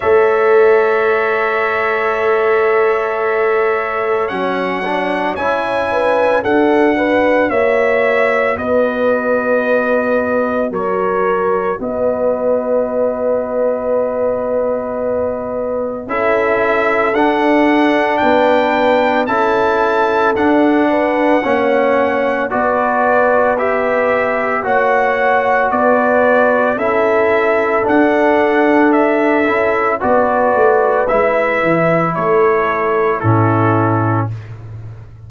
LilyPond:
<<
  \new Staff \with { instrumentName = "trumpet" } { \time 4/4 \tempo 4 = 56 e''1 | fis''4 gis''4 fis''4 e''4 | dis''2 cis''4 dis''4~ | dis''2. e''4 |
fis''4 g''4 a''4 fis''4~ | fis''4 d''4 e''4 fis''4 | d''4 e''4 fis''4 e''4 | d''4 e''4 cis''4 a'4 | }
  \new Staff \with { instrumentName = "horn" } { \time 4/4 cis''1~ | cis''4. b'8 a'8 b'8 cis''4 | b'2 ais'4 b'4~ | b'2. a'4~ |
a'4 b'4 a'4. b'8 | cis''4 b'2 cis''4 | b'4 a'2. | b'2 a'4 e'4 | }
  \new Staff \with { instrumentName = "trombone" } { \time 4/4 a'1 | cis'8 d'8 e'4 fis'2~ | fis'1~ | fis'2. e'4 |
d'2 e'4 d'4 | cis'4 fis'4 g'4 fis'4~ | fis'4 e'4 d'4. e'8 | fis'4 e'2 cis'4 | }
  \new Staff \with { instrumentName = "tuba" } { \time 4/4 a1 | fis4 cis'4 d'4 ais4 | b2 fis4 b4~ | b2. cis'4 |
d'4 b4 cis'4 d'4 | ais4 b2 ais4 | b4 cis'4 d'4. cis'8 | b8 a8 gis8 e8 a4 a,4 | }
>>